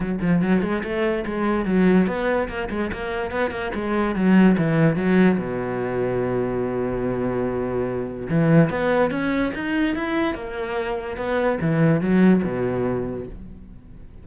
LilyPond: \new Staff \with { instrumentName = "cello" } { \time 4/4 \tempo 4 = 145 fis8 f8 fis8 gis8 a4 gis4 | fis4 b4 ais8 gis8 ais4 | b8 ais8 gis4 fis4 e4 | fis4 b,2.~ |
b,1 | e4 b4 cis'4 dis'4 | e'4 ais2 b4 | e4 fis4 b,2 | }